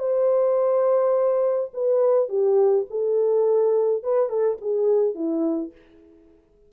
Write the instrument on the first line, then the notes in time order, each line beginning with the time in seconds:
horn
0.00 C5
1.74 B4
2.29 G4
2.90 A4
4.04 B4
4.30 A4
4.62 G#4
5.16 E4